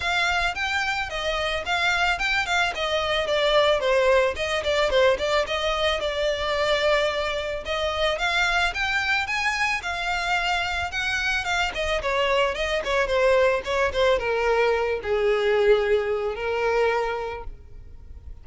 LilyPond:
\new Staff \with { instrumentName = "violin" } { \time 4/4 \tempo 4 = 110 f''4 g''4 dis''4 f''4 | g''8 f''8 dis''4 d''4 c''4 | dis''8 d''8 c''8 d''8 dis''4 d''4~ | d''2 dis''4 f''4 |
g''4 gis''4 f''2 | fis''4 f''8 dis''8 cis''4 dis''8 cis''8 | c''4 cis''8 c''8 ais'4. gis'8~ | gis'2 ais'2 | }